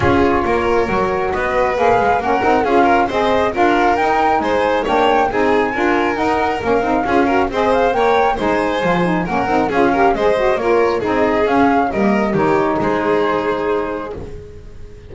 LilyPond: <<
  \new Staff \with { instrumentName = "flute" } { \time 4/4 \tempo 4 = 136 cis''2. dis''4 | f''4 fis''4 f''4 dis''4 | f''4 g''4 gis''4 g''4 | gis''2 fis''4 f''4~ |
f''4 dis''8 f''8 g''4 gis''4~ | gis''4 fis''4 f''4 dis''4 | cis''4 dis''4 f''4 dis''4 | cis''4 c''2. | }
  \new Staff \with { instrumentName = "violin" } { \time 4/4 gis'4 ais'2 b'4~ | b'4 ais'4 gis'8 ais'8 c''4 | ais'2 c''4 cis''4 | gis'4 ais'2. |
gis'8 ais'8 c''4 cis''4 c''4~ | c''4 ais'4 gis'8 ais'8 c''4 | ais'4 gis'2 ais'4 | g'4 gis'2. | }
  \new Staff \with { instrumentName = "saxophone" } { \time 4/4 f'2 fis'2 | gis'4 cis'8 dis'8 f'4 gis'4 | f'4 dis'2 d'4 | dis'4 f'4 dis'4 cis'8 dis'8 |
f'8 fis'8 gis'4 ais'4 dis'4 | f'8 dis'8 cis'8 dis'8 f'8 g'8 gis'8 fis'8 | f'4 dis'4 cis'4 ais4 | dis'1 | }
  \new Staff \with { instrumentName = "double bass" } { \time 4/4 cis'4 ais4 fis4 b4 | ais8 gis8 ais8 c'8 cis'4 c'4 | d'4 dis'4 gis4 ais4 | c'4 d'4 dis'4 ais8 c'8 |
cis'4 c'4 ais4 gis4 | f4 ais8 c'8 cis'4 gis4 | ais4 c'4 cis'4 g4 | dis4 gis2. | }
>>